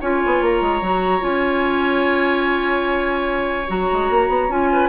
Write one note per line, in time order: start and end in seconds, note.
0.00 0.22 C#4
0.00 0.82 F4
0.00 4.69 C#5
0.00 0.43 G#5
0.25 0.41 B3
0.41 0.61 A#3
0.41 1.23 A#5
0.61 0.81 G#3
0.81 1.22 F#3
0.81 1.20 F#4
1.20 3.67 C#4
1.20 3.64 F4
1.20 3.68 G#5
3.67 3.89 F#3
3.67 4.49 F#4
3.67 4.51 A#5
3.92 4.09 G#3
4.09 4.28 A#3
4.28 4.48 B3
4.48 4.89 C#4
4.48 4.89 F4
4.48 4.89 G#5
4.72 4.89 B4